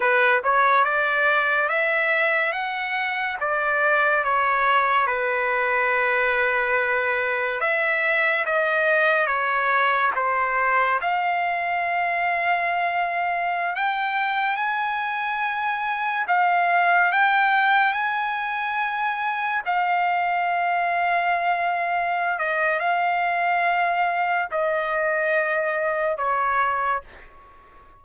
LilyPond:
\new Staff \with { instrumentName = "trumpet" } { \time 4/4 \tempo 4 = 71 b'8 cis''8 d''4 e''4 fis''4 | d''4 cis''4 b'2~ | b'4 e''4 dis''4 cis''4 | c''4 f''2.~ |
f''16 g''4 gis''2 f''8.~ | f''16 g''4 gis''2 f''8.~ | f''2~ f''8 dis''8 f''4~ | f''4 dis''2 cis''4 | }